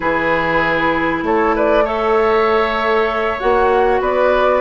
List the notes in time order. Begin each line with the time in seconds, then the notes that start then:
0.00 E3 E4 G#4 B4
1.22 A3 A4 C#5
1.55 B4 D5
1.84 A4 C#5 E5
3.39 A#3 F#4 F#5
4.00 B3 B4 D5